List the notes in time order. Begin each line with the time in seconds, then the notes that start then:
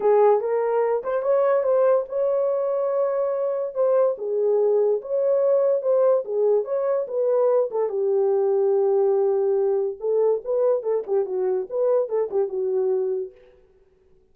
0.00 G#4
0.40 A#4
1.03 C5
1.22 C#5
1.63 C5
2.09 C#5
3.74 C5
4.17 G#4
5.01 C#5
5.82 C5
6.24 G#4
6.64 C#5
7.07 B4
7.70 A4
7.89 G4
10.00 A4
10.44 B4
10.83 A4
11.06 G4
11.25 F#4
11.69 B4
12.08 A4
12.30 G4
12.48 F#4